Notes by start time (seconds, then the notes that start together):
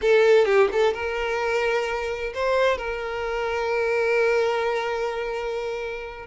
0.01 A4
0.45 G4
0.71 A4
0.93 A#4
2.34 C5
2.77 A#4